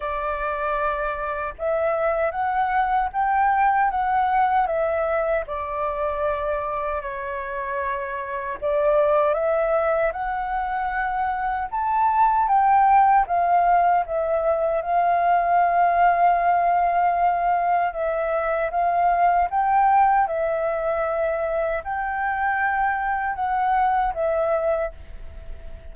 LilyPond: \new Staff \with { instrumentName = "flute" } { \time 4/4 \tempo 4 = 77 d''2 e''4 fis''4 | g''4 fis''4 e''4 d''4~ | d''4 cis''2 d''4 | e''4 fis''2 a''4 |
g''4 f''4 e''4 f''4~ | f''2. e''4 | f''4 g''4 e''2 | g''2 fis''4 e''4 | }